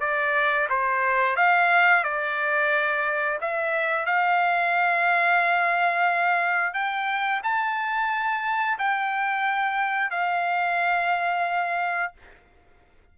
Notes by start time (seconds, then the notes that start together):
0.00 D5
0.69 C5
1.36 F5
2.03 D5
3.40 E5
4.05 F5
6.73 G5
7.43 A5
8.79 G5
10.10 F5